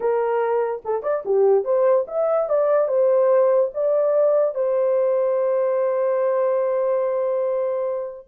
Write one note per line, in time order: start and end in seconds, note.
0.00 0.82 A#4
0.84 1.02 A4
1.02 1.23 D5
1.25 1.64 G4
1.64 2.05 C5
2.07 2.49 E5
2.49 2.87 D5
2.87 3.70 C5
3.74 4.55 D5
4.55 8.27 C5